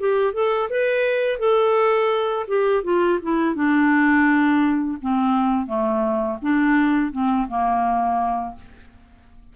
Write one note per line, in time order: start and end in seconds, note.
0.00 0.34 G4
0.34 0.70 A4
0.70 1.40 B4
1.40 2.47 A4
2.48 2.84 G4
2.84 3.20 F4
3.23 3.56 E4
3.56 4.98 D4
5.02 5.67 C4
5.67 6.38 A3
6.42 7.12 D4
7.12 7.48 C4
7.48 8.56 A#3